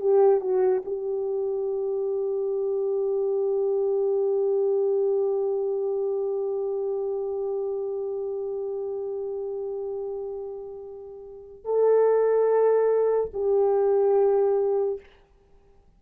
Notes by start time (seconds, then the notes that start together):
0.00 G4
0.41 F#4
0.85 G4
11.64 A4
13.33 G4